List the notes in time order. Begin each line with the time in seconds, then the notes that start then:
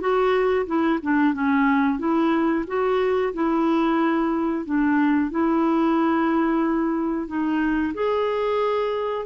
0.00 F#4
0.66 E4
1.02 D4
1.34 C#4
1.99 E4
2.67 F#4
3.34 E4
4.65 D4
5.31 E4
7.27 D#4
7.94 G#4